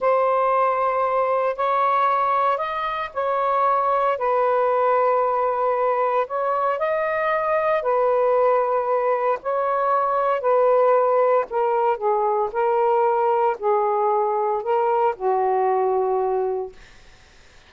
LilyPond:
\new Staff \with { instrumentName = "saxophone" } { \time 4/4 \tempo 4 = 115 c''2. cis''4~ | cis''4 dis''4 cis''2 | b'1 | cis''4 dis''2 b'4~ |
b'2 cis''2 | b'2 ais'4 gis'4 | ais'2 gis'2 | ais'4 fis'2. | }